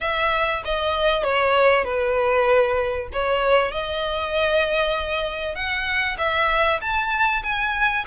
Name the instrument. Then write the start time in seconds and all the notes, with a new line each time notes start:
violin
0.00 E5
0.64 D#5
1.23 C#5
1.84 B4
3.12 C#5
3.71 D#5
5.55 F#5
6.18 E5
6.81 A5
7.43 G#5